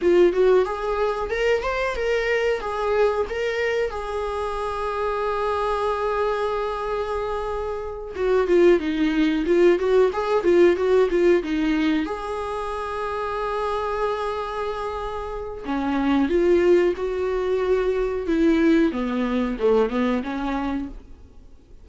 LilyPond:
\new Staff \with { instrumentName = "viola" } { \time 4/4 \tempo 4 = 92 f'8 fis'8 gis'4 ais'8 c''8 ais'4 | gis'4 ais'4 gis'2~ | gis'1~ | gis'8 fis'8 f'8 dis'4 f'8 fis'8 gis'8 |
f'8 fis'8 f'8 dis'4 gis'4.~ | gis'1 | cis'4 f'4 fis'2 | e'4 b4 a8 b8 cis'4 | }